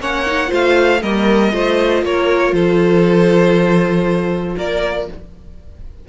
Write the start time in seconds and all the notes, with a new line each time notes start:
0.00 A#3 C#4 C#5 F#5
0.26 D#4
0.47 A3 F4 C5
0.54 F5
1.02 G3 A#3 A#4 D#5
1.52 A3 F4 C5
2.03 A#3 A#4 C#5
2.52 F3 A4 C5
4.56 A#3 A#4 D5